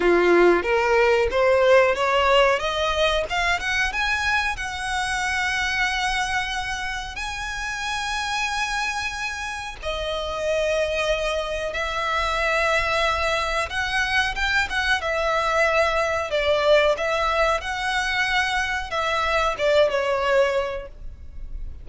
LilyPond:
\new Staff \with { instrumentName = "violin" } { \time 4/4 \tempo 4 = 92 f'4 ais'4 c''4 cis''4 | dis''4 f''8 fis''8 gis''4 fis''4~ | fis''2. gis''4~ | gis''2. dis''4~ |
dis''2 e''2~ | e''4 fis''4 g''8 fis''8 e''4~ | e''4 d''4 e''4 fis''4~ | fis''4 e''4 d''8 cis''4. | }